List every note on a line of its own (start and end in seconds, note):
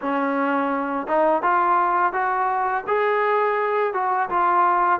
0.01 1.07 C#4
1.07 1.42 D#4
1.42 2.12 F4
2.12 2.84 F#4
2.87 3.93 G#4
3.93 4.29 F#4
4.29 4.99 F4